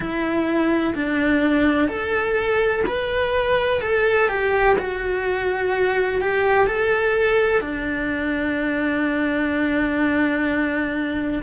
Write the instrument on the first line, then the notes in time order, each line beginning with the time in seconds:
cello
0.00 E4
0.94 D4
1.88 A4
2.86 B4
3.81 A4
4.29 G4
4.78 F#4
6.21 G4
6.67 A4
7.61 D4